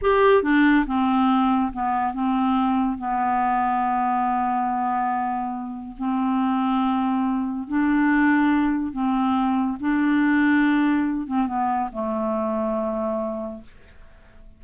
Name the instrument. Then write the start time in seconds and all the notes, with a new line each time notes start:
clarinet
0.01 G4
0.42 D4
0.86 C4
1.72 B3
2.13 C4
2.98 B3
5.97 C4
7.67 D4
8.92 C4
9.80 D4
11.26 C4
11.47 B3
11.92 A3